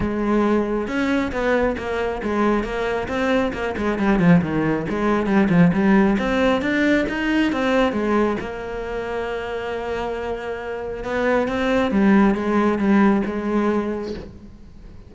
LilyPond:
\new Staff \with { instrumentName = "cello" } { \time 4/4 \tempo 4 = 136 gis2 cis'4 b4 | ais4 gis4 ais4 c'4 | ais8 gis8 g8 f8 dis4 gis4 | g8 f8 g4 c'4 d'4 |
dis'4 c'4 gis4 ais4~ | ais1~ | ais4 b4 c'4 g4 | gis4 g4 gis2 | }